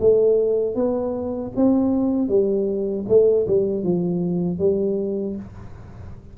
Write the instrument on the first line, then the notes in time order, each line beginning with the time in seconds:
tuba
0.00 A3
0.75 B3
1.56 C4
2.28 G3
3.08 A3
3.47 G3
3.84 F3
4.59 G3